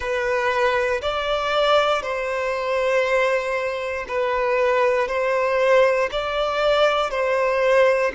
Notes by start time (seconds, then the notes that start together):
0.00 B4
1.01 D5
2.02 C5
4.07 B4
5.08 C5
6.11 D5
7.10 C5